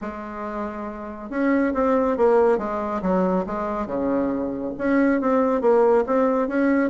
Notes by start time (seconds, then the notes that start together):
0.01 G#3
1.30 C#4
1.73 C4
2.17 A#3
2.58 G#3
3.02 F#3
3.46 G#3
3.86 C#3
4.77 C#4
5.20 C4
5.61 A#3
6.06 C4
6.48 C#4